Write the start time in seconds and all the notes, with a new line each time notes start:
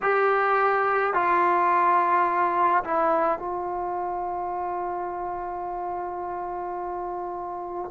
0.02 G4
1.13 F4
2.84 E4
3.38 F4